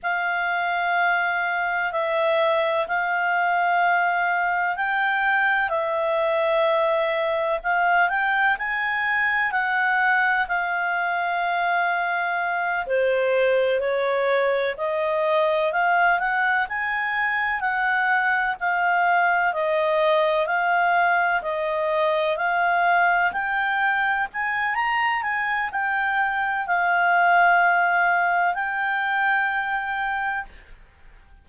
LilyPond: \new Staff \with { instrumentName = "clarinet" } { \time 4/4 \tempo 4 = 63 f''2 e''4 f''4~ | f''4 g''4 e''2 | f''8 g''8 gis''4 fis''4 f''4~ | f''4. c''4 cis''4 dis''8~ |
dis''8 f''8 fis''8 gis''4 fis''4 f''8~ | f''8 dis''4 f''4 dis''4 f''8~ | f''8 g''4 gis''8 ais''8 gis''8 g''4 | f''2 g''2 | }